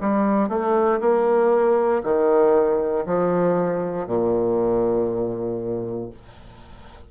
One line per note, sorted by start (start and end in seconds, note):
0.00 0.49 G3
0.49 0.99 A3
1.00 2.02 A#3
2.03 3.05 D#3
3.05 4.06 F3
4.06 6.09 A#2